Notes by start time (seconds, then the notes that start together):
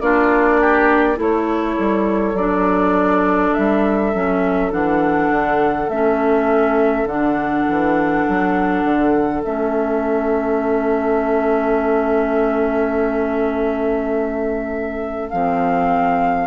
0.00 A#3 D4 F4 D5
0.61 G4
1.16 A3 E4 A4 C#5
1.78 G3
2.34 F#3 D4 D5
3.53 G3 E5
4.14 F#3 C#4
4.71 E3 D4 F#5
5.30 D3
5.88 A3 C#4 E5
7.05 D3 D4 F#5
7.68 E3
8.28 F#3
8.84 D3
9.44 A3 C#4 E5
15.29 F3 C4 F5